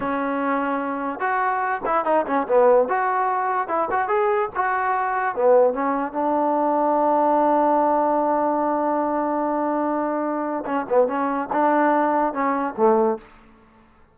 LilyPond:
\new Staff \with { instrumentName = "trombone" } { \time 4/4 \tempo 4 = 146 cis'2. fis'4~ | fis'8 e'8 dis'8 cis'8 b4 fis'4~ | fis'4 e'8 fis'8 gis'4 fis'4~ | fis'4 b4 cis'4 d'4~ |
d'1~ | d'1~ | d'2 cis'8 b8 cis'4 | d'2 cis'4 a4 | }